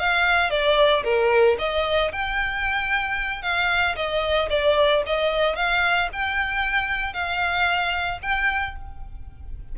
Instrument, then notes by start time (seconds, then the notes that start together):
violin
0.00 F5
0.51 D5
1.04 A#4
1.59 D#5
2.12 G5
3.43 F5
3.96 D#5
4.50 D5
5.07 D#5
5.56 F5
6.13 G5
7.14 F5
8.23 G5